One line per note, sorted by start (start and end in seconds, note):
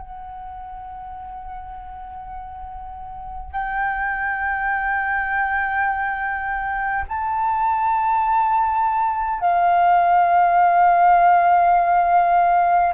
0.00 3.52 F#5
3.52 7.05 G5
7.09 9.41 A5
9.41 12.94 F5